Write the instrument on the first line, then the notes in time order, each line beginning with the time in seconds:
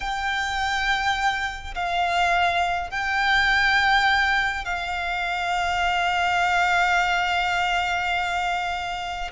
violin
0.00 G5
1.74 F5
2.90 G5
4.64 F5